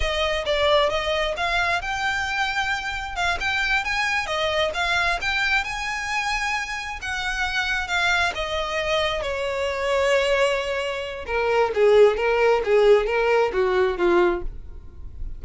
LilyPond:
\new Staff \with { instrumentName = "violin" } { \time 4/4 \tempo 4 = 133 dis''4 d''4 dis''4 f''4 | g''2. f''8 g''8~ | g''8 gis''4 dis''4 f''4 g''8~ | g''8 gis''2. fis''8~ |
fis''4. f''4 dis''4.~ | dis''8 cis''2.~ cis''8~ | cis''4 ais'4 gis'4 ais'4 | gis'4 ais'4 fis'4 f'4 | }